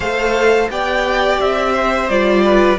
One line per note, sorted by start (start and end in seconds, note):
0.00 0.68 A3
0.00 0.69 A4
0.00 0.69 C5
0.00 0.68 F5
0.69 1.39 B3
0.69 2.08 G4
0.69 1.72 D5
0.69 1.40 G5
1.40 2.09 C4
1.40 2.08 E5
1.72 2.42 C5
2.08 2.78 G3
2.08 2.78 F4
2.08 2.78 D5
2.45 2.78 B4